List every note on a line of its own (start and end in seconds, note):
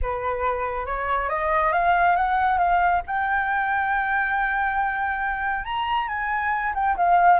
0.01 0.86 B4
0.86 1.29 C#5
1.29 1.72 D#5
1.72 2.15 F5
2.15 2.58 F#5
2.58 3.01 F5
3.07 5.64 G5
5.64 6.08 A#5
6.08 6.73 G#5
6.74 6.96 G5
6.96 7.39 F5